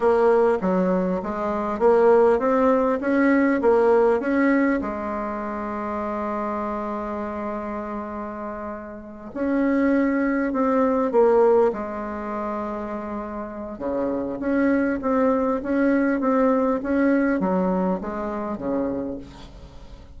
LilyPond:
\new Staff \with { instrumentName = "bassoon" } { \time 4/4 \tempo 4 = 100 ais4 fis4 gis4 ais4 | c'4 cis'4 ais4 cis'4 | gis1~ | gis2.~ gis8 cis'8~ |
cis'4. c'4 ais4 gis8~ | gis2. cis4 | cis'4 c'4 cis'4 c'4 | cis'4 fis4 gis4 cis4 | }